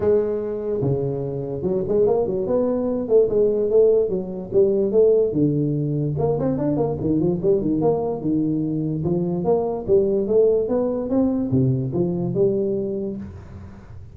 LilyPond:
\new Staff \with { instrumentName = "tuba" } { \time 4/4 \tempo 4 = 146 gis2 cis2 | fis8 gis8 ais8 fis8 b4. a8 | gis4 a4 fis4 g4 | a4 d2 ais8 c'8 |
d'8 ais8 dis8 f8 g8 dis8 ais4 | dis2 f4 ais4 | g4 a4 b4 c'4 | c4 f4 g2 | }